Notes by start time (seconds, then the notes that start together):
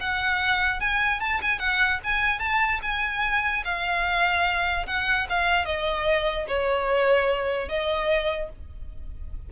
0.00 F#5
0.80 G#5
1.20 A5
1.42 G#5
1.59 F#5
2.03 G#5
2.39 A5
2.82 G#5
3.64 F5
4.86 F#5
5.29 F5
5.65 D#5
6.48 C#5
7.68 D#5